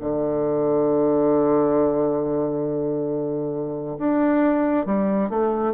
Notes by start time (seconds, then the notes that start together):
0.00 D3
3.98 D4
4.85 G3
5.29 A3